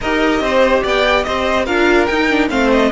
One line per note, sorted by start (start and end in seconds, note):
0.00 0.40 D#4
0.00 1.66 G4
0.00 0.42 A#4
0.00 0.84 D#5
0.40 0.82 C4
0.40 0.83 C5
0.83 1.26 B3
0.83 1.25 D5
0.83 1.23 G5
1.23 1.67 C4
1.23 1.65 C5
1.23 1.65 D#5
1.65 2.09 D4
1.65 2.08 F4
1.65 2.49 A#4
1.65 2.06 F5
2.06 2.50 D#4
2.06 2.30 D#4
2.06 2.47 G5
2.30 2.49 D4
2.49 2.92 A3
2.49 2.91 C4
2.49 2.92 C5
2.49 2.70 F5
2.71 2.92 D#5